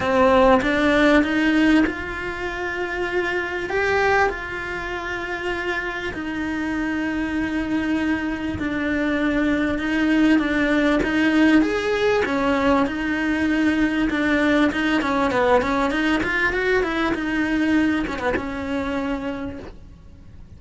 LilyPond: \new Staff \with { instrumentName = "cello" } { \time 4/4 \tempo 4 = 98 c'4 d'4 dis'4 f'4~ | f'2 g'4 f'4~ | f'2 dis'2~ | dis'2 d'2 |
dis'4 d'4 dis'4 gis'4 | cis'4 dis'2 d'4 | dis'8 cis'8 b8 cis'8 dis'8 f'8 fis'8 e'8 | dis'4. cis'16 b16 cis'2 | }